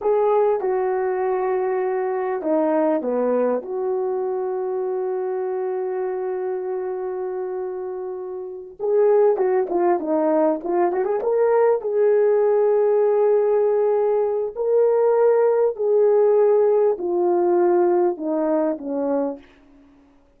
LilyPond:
\new Staff \with { instrumentName = "horn" } { \time 4/4 \tempo 4 = 99 gis'4 fis'2. | dis'4 b4 fis'2~ | fis'1~ | fis'2~ fis'8 gis'4 fis'8 |
f'8 dis'4 f'8 fis'16 gis'16 ais'4 gis'8~ | gis'1 | ais'2 gis'2 | f'2 dis'4 cis'4 | }